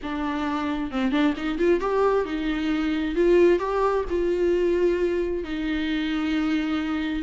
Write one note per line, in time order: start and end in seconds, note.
0.02 0.91 D4
0.91 1.11 C4
1.11 1.34 D4
1.37 1.58 D#4
1.58 1.80 F4
1.80 2.25 G4
2.25 3.15 D#4
3.15 3.59 F4
3.59 4.04 G4
4.09 5.44 F4
5.44 7.22 D#4